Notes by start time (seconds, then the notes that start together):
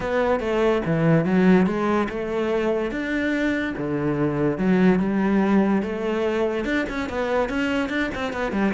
0.00 B3
0.40 A3
0.85 E3
1.25 F#3
1.66 G#3
2.09 A3
2.91 D4
3.77 D3
4.58 F#3
4.99 G3
5.82 A3
6.65 D4
6.89 C#4
7.09 B3
7.49 C#4
7.89 D4
8.15 C4
8.32 B3
8.52 G3